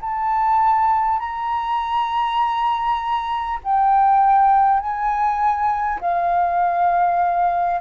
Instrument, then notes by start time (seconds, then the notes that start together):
flute
0.00 A5
1.19 A#5
3.63 G5
4.79 G#5
6.00 F5